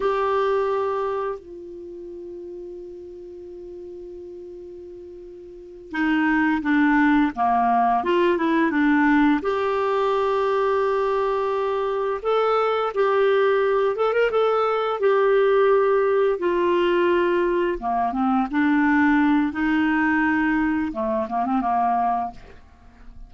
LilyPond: \new Staff \with { instrumentName = "clarinet" } { \time 4/4 \tempo 4 = 86 g'2 f'2~ | f'1~ | f'8 dis'4 d'4 ais4 f'8 | e'8 d'4 g'2~ g'8~ |
g'4. a'4 g'4. | a'16 ais'16 a'4 g'2 f'8~ | f'4. ais8 c'8 d'4. | dis'2 a8 ais16 c'16 ais4 | }